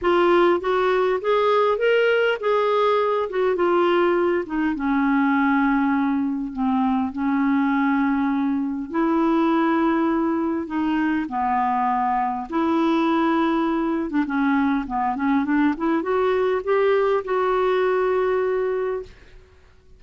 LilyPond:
\new Staff \with { instrumentName = "clarinet" } { \time 4/4 \tempo 4 = 101 f'4 fis'4 gis'4 ais'4 | gis'4. fis'8 f'4. dis'8 | cis'2. c'4 | cis'2. e'4~ |
e'2 dis'4 b4~ | b4 e'2~ e'8. d'16 | cis'4 b8 cis'8 d'8 e'8 fis'4 | g'4 fis'2. | }